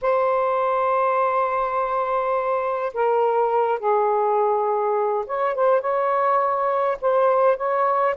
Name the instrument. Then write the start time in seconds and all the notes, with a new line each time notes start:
saxophone
0.01 C5
2.93 A#4
3.79 G#4
5.26 C#5
5.54 C5
5.81 C#5
7.01 C5
7.56 C#5